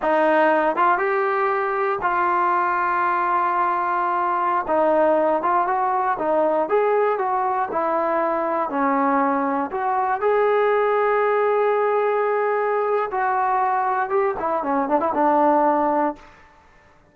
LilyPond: \new Staff \with { instrumentName = "trombone" } { \time 4/4 \tempo 4 = 119 dis'4. f'8 g'2 | f'1~ | f'4~ f'16 dis'4. f'8 fis'8.~ | fis'16 dis'4 gis'4 fis'4 e'8.~ |
e'4~ e'16 cis'2 fis'8.~ | fis'16 gis'2.~ gis'8.~ | gis'2 fis'2 | g'8 e'8 cis'8 d'16 e'16 d'2 | }